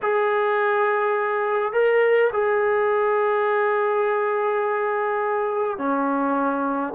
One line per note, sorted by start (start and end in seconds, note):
0.02 1.73 G#4
1.73 2.30 A#4
2.32 5.78 G#4
5.78 6.93 C#4